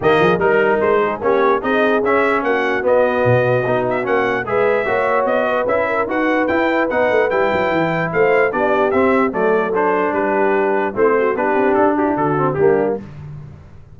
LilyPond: <<
  \new Staff \with { instrumentName = "trumpet" } { \time 4/4 \tempo 4 = 148 dis''4 ais'4 c''4 cis''4 | dis''4 e''4 fis''4 dis''4~ | dis''4. e''8 fis''4 e''4~ | e''4 dis''4 e''4 fis''4 |
g''4 fis''4 g''2 | f''4 d''4 e''4 d''4 | c''4 b'2 c''4 | b'4 a'8 g'8 a'4 g'4 | }
  \new Staff \with { instrumentName = "horn" } { \time 4/4 g'8 gis'8 ais'4. gis'8 g'4 | gis'2 fis'2~ | fis'2. b'4 | cis''4. b'4 ais'8 b'4~ |
b'1 | c''4 g'2 a'4~ | a'4 g'2 e'8 fis'8 | g'4. fis'16 e'16 fis'4 d'4 | }
  \new Staff \with { instrumentName = "trombone" } { \time 4/4 ais4 dis'2 cis'4 | dis'4 cis'2 b4~ | b4 dis'4 cis'4 gis'4 | fis'2 e'4 fis'4 |
e'4 dis'4 e'2~ | e'4 d'4 c'4 a4 | d'2. c'4 | d'2~ d'8 c'8 ais4 | }
  \new Staff \with { instrumentName = "tuba" } { \time 4/4 dis8 f8 g4 gis4 ais4 | c'4 cis'4 ais4 b4 | b,4 b4 ais4 gis4 | ais4 b4 cis'4 dis'4 |
e'4 b8 a8 g8 fis8 e4 | a4 b4 c'4 fis4~ | fis4 g2 a4 | b8 c'8 d'4 d4 g4 | }
>>